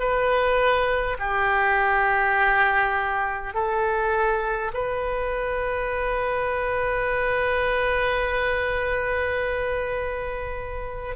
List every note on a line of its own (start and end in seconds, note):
0.00 1.18 B4
1.19 3.54 G4
3.54 4.72 A4
4.74 11.17 B4